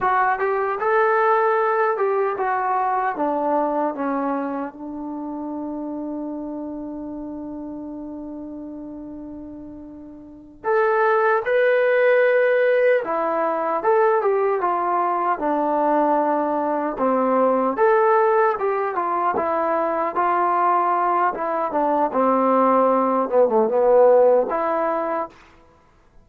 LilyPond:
\new Staff \with { instrumentName = "trombone" } { \time 4/4 \tempo 4 = 76 fis'8 g'8 a'4. g'8 fis'4 | d'4 cis'4 d'2~ | d'1~ | d'4. a'4 b'4.~ |
b'8 e'4 a'8 g'8 f'4 d'8~ | d'4. c'4 a'4 g'8 | f'8 e'4 f'4. e'8 d'8 | c'4. b16 a16 b4 e'4 | }